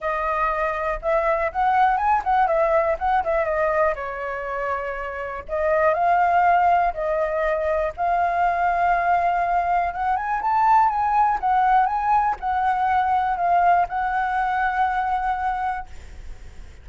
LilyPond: \new Staff \with { instrumentName = "flute" } { \time 4/4 \tempo 4 = 121 dis''2 e''4 fis''4 | gis''8 fis''8 e''4 fis''8 e''8 dis''4 | cis''2. dis''4 | f''2 dis''2 |
f''1 | fis''8 gis''8 a''4 gis''4 fis''4 | gis''4 fis''2 f''4 | fis''1 | }